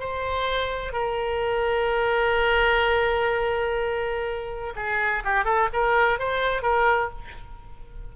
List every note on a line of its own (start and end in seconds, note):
0.00 0.93 C5
0.93 4.74 A#4
4.76 5.23 G#4
5.24 5.44 G4
5.44 5.68 A4
5.73 6.19 A#4
6.19 6.62 C5
6.62 7.10 A#4